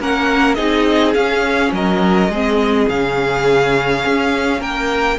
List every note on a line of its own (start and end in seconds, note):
0.00 0.58 A#3
0.00 0.57 C#4
0.00 0.56 A#4
0.00 0.55 F#5
0.55 1.16 C4
0.55 1.14 D#4
0.55 1.72 G#4
0.55 1.12 D#5
1.14 2.30 C#4
1.14 1.72 C#4
1.14 1.72 F5
1.72 2.29 F#3
1.72 2.31 A#4
1.72 2.89 D#5
2.29 2.87 G#3
2.29 2.91 C4
2.29 4.60 G#4
2.89 4.04 C#3
2.89 5.19 C#4
2.89 4.62 F5
4.06 4.61 C#4
4.60 5.19 A#3
4.60 5.18 A#4
4.60 5.19 G5